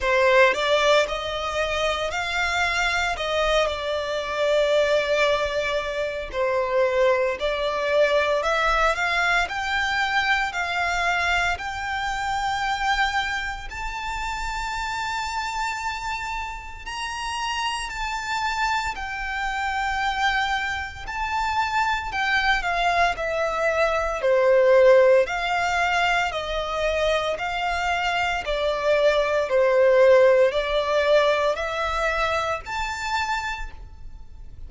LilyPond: \new Staff \with { instrumentName = "violin" } { \time 4/4 \tempo 4 = 57 c''8 d''8 dis''4 f''4 dis''8 d''8~ | d''2 c''4 d''4 | e''8 f''8 g''4 f''4 g''4~ | g''4 a''2. |
ais''4 a''4 g''2 | a''4 g''8 f''8 e''4 c''4 | f''4 dis''4 f''4 d''4 | c''4 d''4 e''4 a''4 | }